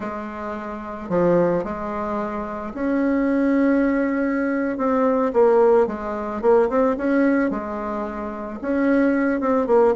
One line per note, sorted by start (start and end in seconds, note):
0.00 1.09 G#3
1.09 1.64 F3
1.64 2.73 G#3
2.73 4.77 C#4
4.77 5.32 C4
5.33 5.87 A#3
5.87 6.41 G#3
6.41 6.68 A#3
6.69 6.96 C4
6.97 7.50 C#4
7.50 8.59 G#3
8.61 9.40 C#4
9.40 9.67 C4
9.67 9.94 A#3